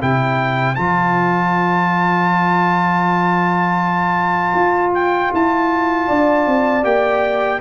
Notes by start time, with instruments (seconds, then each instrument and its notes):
0.00 tuba C3, trombone E4, horn C5, trumpet G5
0.75 tuba F3, trombone F4, trumpet A5
4.54 tuba F4
4.94 trumpet G5
5.33 tuba E4, trumpet A5
6.07 tuba D4, horn D5
6.46 tuba C4
6.83 tuba A#3, trombone G4, trumpet G5